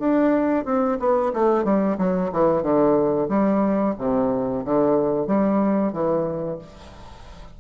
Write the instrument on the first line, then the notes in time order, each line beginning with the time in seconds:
bassoon
0.00 D4
0.65 C4
1.00 B3
1.34 A3
1.65 G3
1.98 F#3
2.33 E3
2.63 D3
3.29 G3
3.99 C3
4.65 D3
5.27 G3
5.93 E3